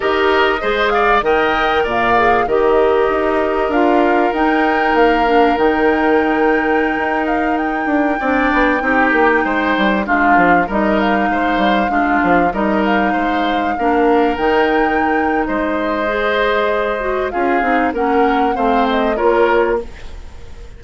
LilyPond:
<<
  \new Staff \with { instrumentName = "flute" } { \time 4/4 \tempo 4 = 97 dis''4. f''8 g''4 f''4 | dis''2 f''4 g''4 | f''4 g''2~ g''8. f''16~ | f''16 g''2.~ g''8.~ |
g''16 f''4 dis''8 f''2~ f''16~ | f''16 dis''8 f''2~ f''8 g''8.~ | g''4 dis''2. | f''4 fis''4 f''8 dis''8 cis''4 | }
  \new Staff \with { instrumentName = "oboe" } { \time 4/4 ais'4 c''8 d''8 dis''4 d''4 | ais'1~ | ais'1~ | ais'4~ ais'16 d''4 g'4 c''8.~ |
c''16 f'4 ais'4 c''4 f'8.~ | f'16 ais'4 c''4 ais'4.~ ais'16~ | ais'4 c''2. | gis'4 ais'4 c''4 ais'4 | }
  \new Staff \with { instrumentName = "clarinet" } { \time 4/4 g'4 gis'4 ais'4. gis'8 | g'2 f'4 dis'4~ | dis'8 d'8 dis'2.~ | dis'4~ dis'16 d'4 dis'4.~ dis'16~ |
dis'16 d'4 dis'2 d'8.~ | d'16 dis'2 d'4 dis'8.~ | dis'2 gis'4. fis'8 | f'8 dis'8 cis'4 c'4 f'4 | }
  \new Staff \with { instrumentName = "bassoon" } { \time 4/4 dis'4 gis4 dis4 ais,4 | dis4 dis'4 d'4 dis'4 | ais4 dis2~ dis16 dis'8.~ | dis'8. d'8 c'8 b8 c'8 ais8 gis8 g16~ |
g16 gis8 f8 g4 gis8 g8 gis8 f16~ | f16 g4 gis4 ais4 dis8.~ | dis4 gis2. | cis'8 c'8 ais4 a4 ais4 | }
>>